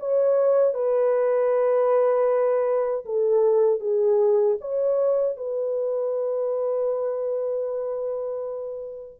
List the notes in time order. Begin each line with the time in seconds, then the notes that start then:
0.00 C#5
0.74 B4
3.05 A4
3.80 G#4
4.61 C#5
5.37 B4